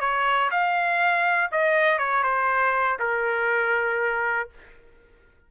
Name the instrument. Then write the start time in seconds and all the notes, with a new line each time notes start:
trumpet
0.00 C#5
0.50 F5
1.52 D#5
1.98 C#5
2.23 C5
2.99 A#4